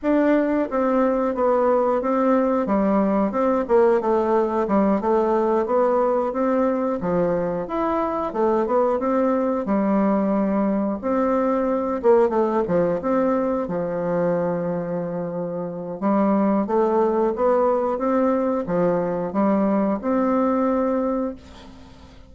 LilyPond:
\new Staff \with { instrumentName = "bassoon" } { \time 4/4 \tempo 4 = 90 d'4 c'4 b4 c'4 | g4 c'8 ais8 a4 g8 a8~ | a8 b4 c'4 f4 e'8~ | e'8 a8 b8 c'4 g4.~ |
g8 c'4. ais8 a8 f8 c'8~ | c'8 f2.~ f8 | g4 a4 b4 c'4 | f4 g4 c'2 | }